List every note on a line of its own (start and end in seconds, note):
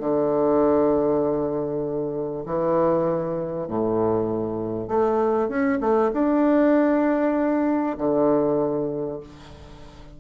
0.00 2.45 D3
2.46 3.68 E3
3.68 4.88 A2
4.88 5.49 A3
5.49 5.79 C#4
5.81 6.11 A3
6.13 7.97 D4
7.98 9.20 D3